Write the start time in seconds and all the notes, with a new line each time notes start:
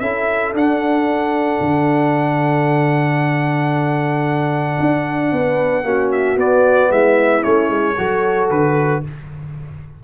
0.00 C#4 E4 A4 E5
0.54 D4 F#5
1.61 D3
4.80 D4
5.32 B3 B4
5.84 A#3 C#4 F#4
6.12 E5
6.37 B3 D5
6.90 G#3 E4 E5
7.42 A3 C#4 C#5
7.70 G#3
7.98 F#3 F#4 A4
8.50 D3 B4